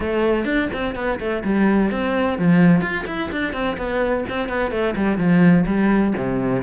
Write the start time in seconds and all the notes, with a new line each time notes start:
0.00 A3
0.44 D4
0.73 C4
0.95 B3
1.19 A3
1.44 G3
1.91 C4
2.38 F3
2.81 F4
3.06 E4
3.31 D4
3.53 C4
3.77 B3
4.29 C4
4.48 B3
4.71 A3
4.95 G3
5.17 F3
5.66 G3
6.17 C3